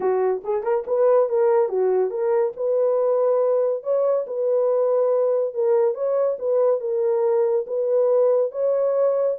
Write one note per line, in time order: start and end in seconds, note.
0.00 0.42 F#4
0.44 0.63 G#4
0.63 0.84 A#4
0.86 1.29 B4
1.29 1.68 A#4
1.68 2.10 F#4
2.10 2.52 A#4
2.56 3.83 B4
3.83 4.25 C#5
4.26 5.54 B4
5.54 5.94 A#4
5.94 6.36 C#5
6.38 6.80 B4
6.80 7.65 A#4
7.66 8.51 B4
8.51 9.36 C#5